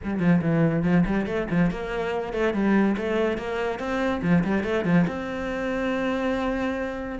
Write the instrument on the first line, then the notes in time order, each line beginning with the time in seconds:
cello
0.03 G3
0.19 F3
0.41 E3
0.83 F3
1.06 G3
1.26 A3
1.50 F3
1.71 A#3
2.33 A3
2.53 G3
2.97 A3
3.37 A#3
3.79 C4
4.22 F3
4.43 G3
4.63 A3
4.85 F3
5.07 C4